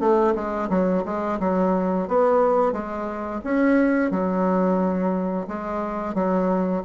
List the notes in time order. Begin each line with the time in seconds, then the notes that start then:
0.00 A3
0.35 G#3
0.69 F#3
1.05 G#3
1.40 F#3
2.08 B3
2.72 G#3
3.44 C#4
4.11 F#3
5.47 G#3
6.15 F#3